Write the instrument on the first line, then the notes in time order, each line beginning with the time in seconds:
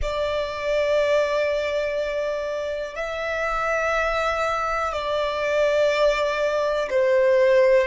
violin
0.02 D5
2.95 E5
4.92 D5
6.89 C5